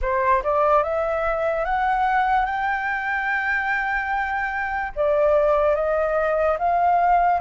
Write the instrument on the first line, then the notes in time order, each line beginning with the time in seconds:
flute
0.01 C5
0.43 D5
0.83 E5
1.64 F#5
2.45 G5
4.95 D5
5.75 D#5
6.58 F5